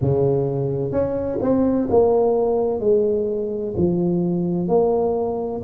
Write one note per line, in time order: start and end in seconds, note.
0.01 0.91 C#3
0.91 1.38 C#4
1.41 1.88 C4
1.90 2.80 A#3
2.80 3.73 G#3
3.76 4.67 F3
4.67 5.61 A#3